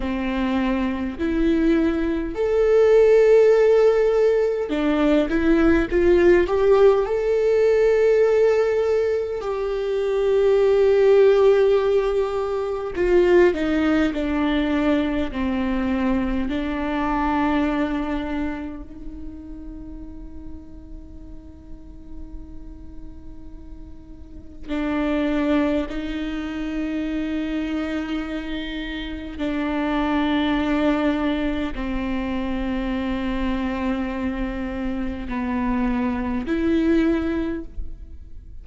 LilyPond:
\new Staff \with { instrumentName = "viola" } { \time 4/4 \tempo 4 = 51 c'4 e'4 a'2 | d'8 e'8 f'8 g'8 a'2 | g'2. f'8 dis'8 | d'4 c'4 d'2 |
dis'1~ | dis'4 d'4 dis'2~ | dis'4 d'2 c'4~ | c'2 b4 e'4 | }